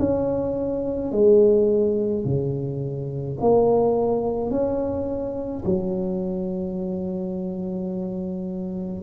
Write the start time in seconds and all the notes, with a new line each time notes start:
0.00 C#4
1.12 G#3
2.25 C#3
3.41 A#3
4.51 C#4
5.65 F#3